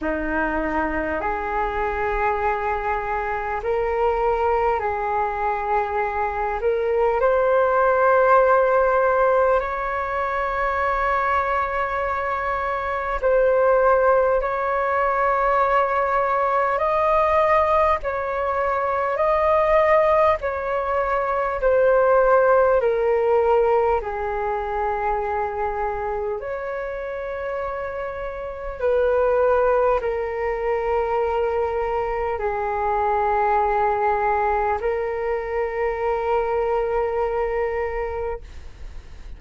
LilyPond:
\new Staff \with { instrumentName = "flute" } { \time 4/4 \tempo 4 = 50 dis'4 gis'2 ais'4 | gis'4. ais'8 c''2 | cis''2. c''4 | cis''2 dis''4 cis''4 |
dis''4 cis''4 c''4 ais'4 | gis'2 cis''2 | b'4 ais'2 gis'4~ | gis'4 ais'2. | }